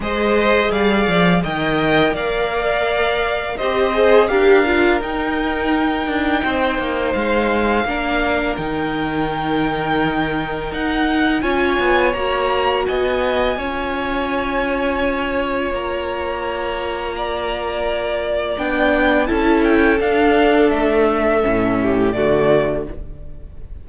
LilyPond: <<
  \new Staff \with { instrumentName = "violin" } { \time 4/4 \tempo 4 = 84 dis''4 f''4 g''4 f''4~ | f''4 dis''4 f''4 g''4~ | g''2 f''2 | g''2. fis''4 |
gis''4 ais''4 gis''2~ | gis''2 ais''2~ | ais''2 g''4 a''8 g''8 | f''4 e''2 d''4 | }
  \new Staff \with { instrumentName = "violin" } { \time 4/4 c''4 d''4 dis''4 d''4~ | d''4 c''4 ais'2~ | ais'4 c''2 ais'4~ | ais'1 |
cis''2 dis''4 cis''4~ | cis''1 | d''2. a'4~ | a'2~ a'8 g'8 fis'4 | }
  \new Staff \with { instrumentName = "viola" } { \time 4/4 gis'2 ais'2~ | ais'4 g'8 gis'8 g'8 f'8 dis'4~ | dis'2. d'4 | dis'1 |
f'4 fis'2 f'4~ | f'1~ | f'2 d'4 e'4 | d'2 cis'4 a4 | }
  \new Staff \with { instrumentName = "cello" } { \time 4/4 gis4 g8 f8 dis4 ais4~ | ais4 c'4 d'4 dis'4~ | dis'8 d'8 c'8 ais8 gis4 ais4 | dis2. dis'4 |
cis'8 b8 ais4 b4 cis'4~ | cis'2 ais2~ | ais2 b4 cis'4 | d'4 a4 a,4 d4 | }
>>